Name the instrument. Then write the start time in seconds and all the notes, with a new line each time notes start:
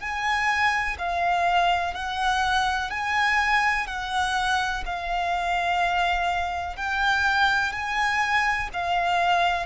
violin
0.00 G#5
0.99 F5
1.94 F#5
2.90 G#5
3.87 F#5
4.85 F5
6.76 G5
7.72 G#5
8.73 F5